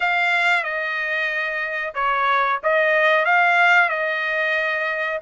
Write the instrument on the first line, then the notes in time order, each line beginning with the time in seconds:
trumpet
0.00 F5
0.63 D#5
1.94 C#5
2.63 D#5
3.25 F5
3.89 D#5